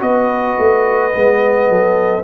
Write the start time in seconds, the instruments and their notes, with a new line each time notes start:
0.00 tuba B3, trombone F#4, horn B4, trumpet D#5
0.58 tuba A3
1.12 tuba G#3, trombone B3
1.69 tuba F#3, horn A4